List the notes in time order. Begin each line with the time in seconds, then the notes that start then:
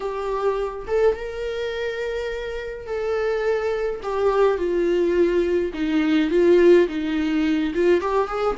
0.00 G4
0.87 A4
1.15 A#4
2.86 A4
4.03 G4
4.57 F4
5.73 D#4
6.30 F4
6.88 D#4
7.74 F4
8.01 G4
8.27 G#4